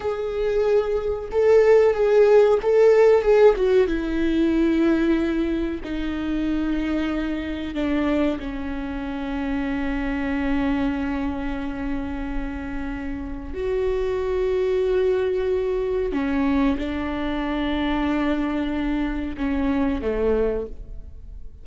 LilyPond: \new Staff \with { instrumentName = "viola" } { \time 4/4 \tempo 4 = 93 gis'2 a'4 gis'4 | a'4 gis'8 fis'8 e'2~ | e'4 dis'2. | d'4 cis'2.~ |
cis'1~ | cis'4 fis'2.~ | fis'4 cis'4 d'2~ | d'2 cis'4 a4 | }